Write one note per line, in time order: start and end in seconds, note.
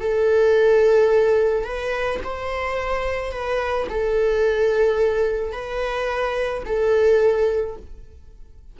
0.00 1.64 A4
1.64 2.19 B4
2.23 3.31 C5
3.31 3.87 B4
3.89 5.52 A4
5.52 6.63 B4
6.65 7.76 A4